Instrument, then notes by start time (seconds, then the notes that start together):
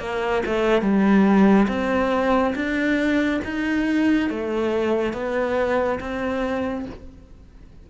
cello
0.00 A#3
0.47 A3
0.82 G3
1.69 C4
2.56 D4
3.45 D#4
4.31 A3
5.14 B3
6.00 C4